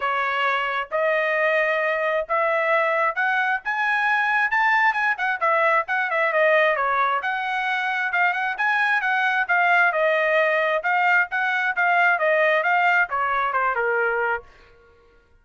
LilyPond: \new Staff \with { instrumentName = "trumpet" } { \time 4/4 \tempo 4 = 133 cis''2 dis''2~ | dis''4 e''2 fis''4 | gis''2 a''4 gis''8 fis''8 | e''4 fis''8 e''8 dis''4 cis''4 |
fis''2 f''8 fis''8 gis''4 | fis''4 f''4 dis''2 | f''4 fis''4 f''4 dis''4 | f''4 cis''4 c''8 ais'4. | }